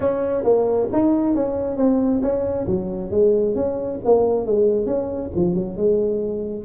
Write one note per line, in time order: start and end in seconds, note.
0.00 0.43 C#4
0.43 0.87 A#3
0.92 1.35 D#4
1.35 1.77 C#4
1.77 2.21 C4
2.22 2.66 C#4
2.66 3.10 F#3
3.10 3.55 G#3
3.55 3.99 C#4
4.04 4.46 A#3
4.46 4.86 G#3
4.86 5.30 C#4
5.35 5.54 F3
5.54 5.77 F#3
5.77 6.64 G#3